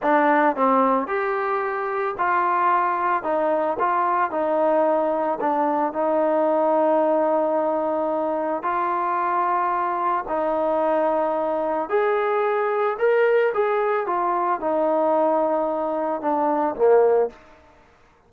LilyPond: \new Staff \with { instrumentName = "trombone" } { \time 4/4 \tempo 4 = 111 d'4 c'4 g'2 | f'2 dis'4 f'4 | dis'2 d'4 dis'4~ | dis'1 |
f'2. dis'4~ | dis'2 gis'2 | ais'4 gis'4 f'4 dis'4~ | dis'2 d'4 ais4 | }